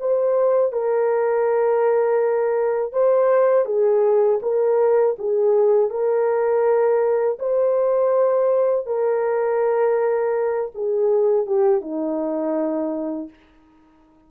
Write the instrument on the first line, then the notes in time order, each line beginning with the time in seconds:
horn
0.00 C5
0.73 A#4
2.93 C5
3.66 G#4
4.42 A#4
5.19 G#4
5.90 A#4
7.39 C5
8.86 A#4
10.75 G#4
11.46 G4
11.81 D#4